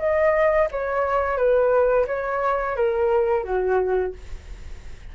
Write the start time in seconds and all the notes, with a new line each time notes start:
0.00 D#5
0.72 C#5
1.38 B4
2.08 C#5
2.76 A#4
3.45 F#4